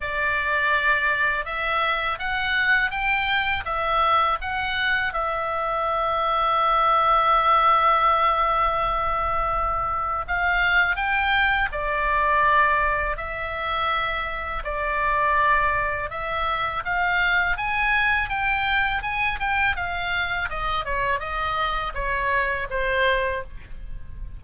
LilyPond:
\new Staff \with { instrumentName = "oboe" } { \time 4/4 \tempo 4 = 82 d''2 e''4 fis''4 | g''4 e''4 fis''4 e''4~ | e''1~ | e''2 f''4 g''4 |
d''2 e''2 | d''2 e''4 f''4 | gis''4 g''4 gis''8 g''8 f''4 | dis''8 cis''8 dis''4 cis''4 c''4 | }